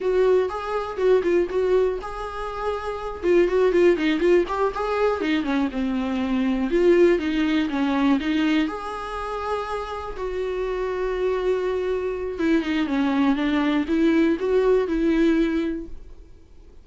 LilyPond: \new Staff \with { instrumentName = "viola" } { \time 4/4 \tempo 4 = 121 fis'4 gis'4 fis'8 f'8 fis'4 | gis'2~ gis'8 f'8 fis'8 f'8 | dis'8 f'8 g'8 gis'4 dis'8 cis'8 c'8~ | c'4. f'4 dis'4 cis'8~ |
cis'8 dis'4 gis'2~ gis'8~ | gis'8 fis'2.~ fis'8~ | fis'4 e'8 dis'8 cis'4 d'4 | e'4 fis'4 e'2 | }